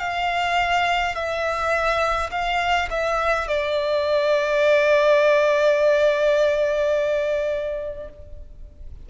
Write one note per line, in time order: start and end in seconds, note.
0.00 1.15 F5
1.15 2.31 E5
2.31 2.89 F5
2.91 3.48 E5
3.48 8.10 D5